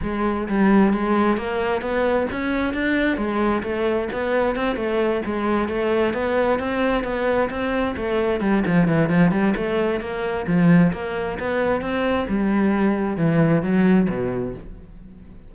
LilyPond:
\new Staff \with { instrumentName = "cello" } { \time 4/4 \tempo 4 = 132 gis4 g4 gis4 ais4 | b4 cis'4 d'4 gis4 | a4 b4 c'8 a4 gis8~ | gis8 a4 b4 c'4 b8~ |
b8 c'4 a4 g8 f8 e8 | f8 g8 a4 ais4 f4 | ais4 b4 c'4 g4~ | g4 e4 fis4 b,4 | }